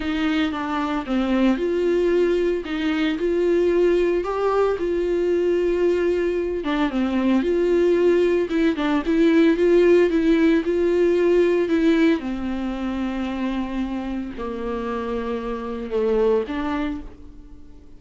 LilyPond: \new Staff \with { instrumentName = "viola" } { \time 4/4 \tempo 4 = 113 dis'4 d'4 c'4 f'4~ | f'4 dis'4 f'2 | g'4 f'2.~ | f'8 d'8 c'4 f'2 |
e'8 d'8 e'4 f'4 e'4 | f'2 e'4 c'4~ | c'2. ais4~ | ais2 a4 d'4 | }